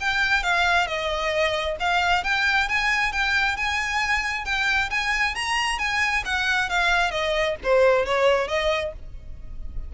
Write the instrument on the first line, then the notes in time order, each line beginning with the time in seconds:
violin
0.00 G5
0.43 F5
0.87 D#5
1.80 F5
2.24 G5
2.69 G#5
3.12 G5
3.57 G#5
4.45 G5
4.90 G#5
5.35 A#5
5.79 G#5
6.25 F#5
6.69 F5
7.11 D#5
7.63 C5
8.06 C#5
8.48 D#5